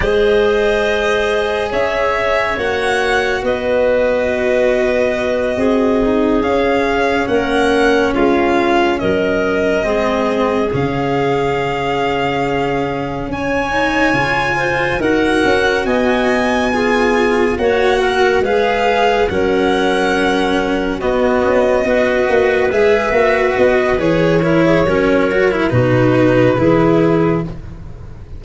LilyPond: <<
  \new Staff \with { instrumentName = "violin" } { \time 4/4 \tempo 4 = 70 dis''2 e''4 fis''4 | dis''2.~ dis''8 f''8~ | f''8 fis''4 f''4 dis''4.~ | dis''8 f''2. gis''8~ |
gis''4. fis''4 gis''4.~ | gis''8 fis''4 f''4 fis''4.~ | fis''8 dis''2 e''4 dis''8 | cis''2 b'2 | }
  \new Staff \with { instrumentName = "clarinet" } { \time 4/4 c''2 cis''2 | b'2~ b'8 gis'4.~ | gis'8 ais'4 f'4 ais'4 gis'8~ | gis'2.~ gis'8 cis''8~ |
cis''4 c''8 ais'4 dis''4 gis'8~ | gis'8 cis''8 ais'8 b'4 ais'4.~ | ais'8 fis'4 b'2~ b'8~ | b'8 ais'16 gis'16 ais'4 fis'4 gis'4 | }
  \new Staff \with { instrumentName = "cello" } { \time 4/4 gis'2. fis'4~ | fis'2. dis'8 cis'8~ | cis'2.~ cis'8 c'8~ | c'8 cis'2.~ cis'8 |
dis'8 f'4 fis'2 f'8~ | f'8 fis'4 gis'4 cis'4.~ | cis'8 b4 fis'4 gis'8 fis'4 | gis'8 e'8 cis'8 fis'16 e'16 dis'4 e'4 | }
  \new Staff \with { instrumentName = "tuba" } { \time 4/4 gis2 cis'4 ais4 | b2~ b8 c'4 cis'8~ | cis'8 ais4 gis4 fis4 gis8~ | gis8 cis2. cis'8~ |
cis'8 cis4 dis'8 cis'8 b4.~ | b8 ais4 gis4 fis4.~ | fis8 b8 cis'8 b8 ais8 gis8 ais8 b8 | e4 fis4 b,4 e4 | }
>>